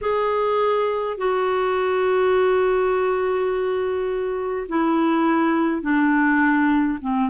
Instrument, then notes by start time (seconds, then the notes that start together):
clarinet
0.01 G#4
1.17 F#4
4.68 E4
5.82 D4
7.01 C4